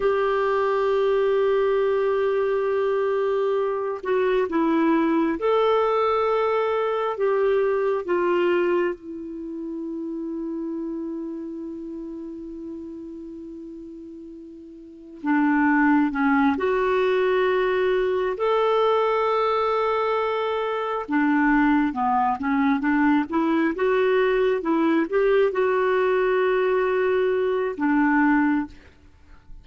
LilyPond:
\new Staff \with { instrumentName = "clarinet" } { \time 4/4 \tempo 4 = 67 g'1~ | g'8 fis'8 e'4 a'2 | g'4 f'4 e'2~ | e'1~ |
e'4 d'4 cis'8 fis'4.~ | fis'8 a'2. d'8~ | d'8 b8 cis'8 d'8 e'8 fis'4 e'8 | g'8 fis'2~ fis'8 d'4 | }